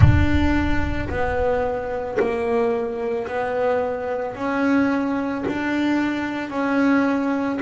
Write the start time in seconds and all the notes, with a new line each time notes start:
0.00 D4
1.09 B3
2.19 A#3
3.27 B3
4.35 C#4
5.48 D4
6.50 C#4